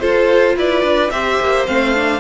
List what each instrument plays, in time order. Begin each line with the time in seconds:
0.00 viola F4, cello F4, violin A4 C5
0.57 cello E4, violin B4 D5
0.83 cello D4
1.10 cello C4, viola G4, violin C5 E5
1.40 cello A#3
1.67 cello A3, viola C4, violin F5
1.94 viola D4